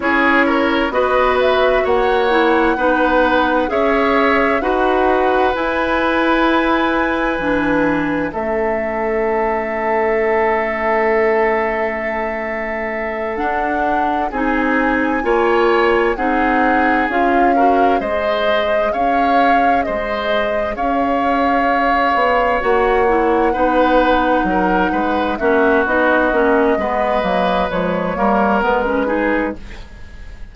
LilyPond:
<<
  \new Staff \with { instrumentName = "flute" } { \time 4/4 \tempo 4 = 65 cis''4 dis''8 e''8 fis''2 | e''4 fis''4 gis''2~ | gis''4 e''2.~ | e''2~ e''8 fis''4 gis''8~ |
gis''4. fis''4 f''4 dis''8~ | dis''8 f''4 dis''4 f''4.~ | f''8 fis''2. e''8 | dis''2 cis''4 b'4 | }
  \new Staff \with { instrumentName = "oboe" } { \time 4/4 gis'8 ais'8 b'4 cis''4 b'4 | cis''4 b'2.~ | b'4 a'2.~ | a'2.~ a'8 gis'8~ |
gis'8 cis''4 gis'4. ais'8 c''8~ | c''8 cis''4 c''4 cis''4.~ | cis''4. b'4 ais'8 b'8 fis'8~ | fis'4 b'4. ais'4 gis'8 | }
  \new Staff \with { instrumentName = "clarinet" } { \time 4/4 e'4 fis'4. e'8 dis'4 | gis'4 fis'4 e'2 | d'4 cis'2.~ | cis'2~ cis'8 d'4 dis'8~ |
dis'8 f'4 dis'4 f'8 fis'8 gis'8~ | gis'1~ | gis'8 fis'8 e'8 dis'2 cis'8 | dis'8 cis'8 b8 ais8 gis8 ais8 b16 cis'16 dis'8 | }
  \new Staff \with { instrumentName = "bassoon" } { \time 4/4 cis'4 b4 ais4 b4 | cis'4 dis'4 e'2 | e4 a2.~ | a2~ a8 d'4 c'8~ |
c'8 ais4 c'4 cis'4 gis8~ | gis8 cis'4 gis4 cis'4. | b8 ais4 b4 fis8 gis8 ais8 | b8 ais8 gis8 fis8 f8 g8 gis4 | }
>>